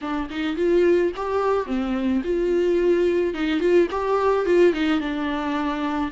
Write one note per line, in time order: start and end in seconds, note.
0.01 0.29 D4
0.30 0.56 D#4
0.56 1.12 F4
1.15 1.66 G4
1.66 2.21 C4
2.24 3.34 F4
3.34 3.60 D#4
3.60 3.87 F4
3.90 4.45 G4
4.45 4.73 F4
4.73 5.00 D#4
5.00 6.11 D4